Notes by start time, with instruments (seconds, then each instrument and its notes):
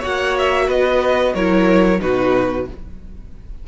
0.00 cello A#3, viola F#4, violin C#5 F#5
0.38 violin E5
0.68 cello B3, violin B4 D#5
1.35 cello F#3, viola E4, violin A#4 C#5
2.00 cello B2, viola D#4, violin F#4 B4